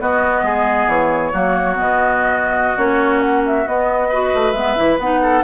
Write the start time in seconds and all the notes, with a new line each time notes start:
0.00 B3 F#4 D#5
0.42 G#3 G#4
0.87 E3 C#5
1.33 F#3 A#3 F#4
1.75 B2 B3 D#5
2.77 A#3 C#4 C#5
3.20 F#5
3.46 E5
3.66 B3 D#5
4.09 F#4 B4
4.34 A3
4.52 G#3 B3 E5
4.76 E3 E4
4.99 B3 D#4 F#5
5.22 A4